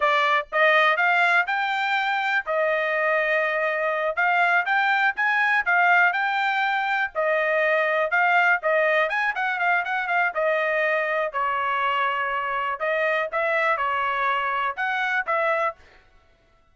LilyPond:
\new Staff \with { instrumentName = "trumpet" } { \time 4/4 \tempo 4 = 122 d''4 dis''4 f''4 g''4~ | g''4 dis''2.~ | dis''8 f''4 g''4 gis''4 f''8~ | f''8 g''2 dis''4.~ |
dis''8 f''4 dis''4 gis''8 fis''8 f''8 | fis''8 f''8 dis''2 cis''4~ | cis''2 dis''4 e''4 | cis''2 fis''4 e''4 | }